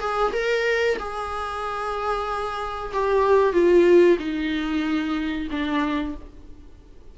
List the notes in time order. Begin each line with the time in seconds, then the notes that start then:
0.00 G#4
0.33 A#4
0.99 G#4
2.93 G4
3.52 F4
4.18 D#4
5.50 D4